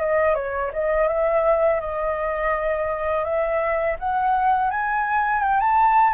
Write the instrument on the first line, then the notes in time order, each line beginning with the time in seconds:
flute
0.00 D#5
0.35 C#5
0.73 D#5
1.08 E5
1.80 D#5
3.24 E5
3.99 F#5
4.70 G#5
5.42 G5
5.60 A5